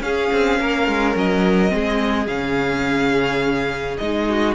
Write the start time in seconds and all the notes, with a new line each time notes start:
0.00 C#4 G#4 F5
0.33 C4
0.60 A#3 A#4
0.87 G#3
1.15 F#3 D#5
1.69 G#3 C4 G#4
2.27 C#3 C#4 F5
3.97 G#3 D#4 D#5
4.29 F#4